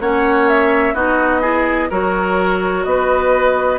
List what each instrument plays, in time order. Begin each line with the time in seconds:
0.00 bassoon A#3, clarinet C#4, oboe C#5, flute F#5
0.48 flute E5
0.94 bassoon B3, clarinet D#4, oboe F#4, flute D#5
1.41 clarinet E4, oboe G#4
1.91 bassoon F#3, clarinet F#4, oboe A#4, flute C#5
2.84 bassoon B3, oboe B4, flute D#5